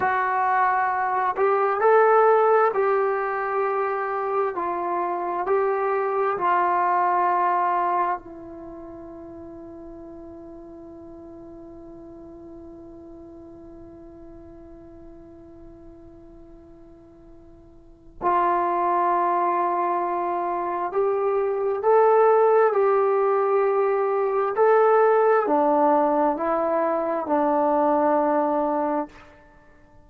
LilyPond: \new Staff \with { instrumentName = "trombone" } { \time 4/4 \tempo 4 = 66 fis'4. g'8 a'4 g'4~ | g'4 f'4 g'4 f'4~ | f'4 e'2.~ | e'1~ |
e'1 | f'2. g'4 | a'4 g'2 a'4 | d'4 e'4 d'2 | }